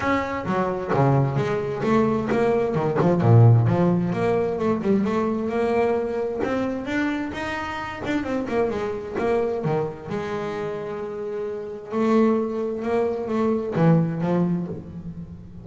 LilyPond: \new Staff \with { instrumentName = "double bass" } { \time 4/4 \tempo 4 = 131 cis'4 fis4 cis4 gis4 | a4 ais4 dis8 f8 ais,4 | f4 ais4 a8 g8 a4 | ais2 c'4 d'4 |
dis'4. d'8 c'8 ais8 gis4 | ais4 dis4 gis2~ | gis2 a2 | ais4 a4 e4 f4 | }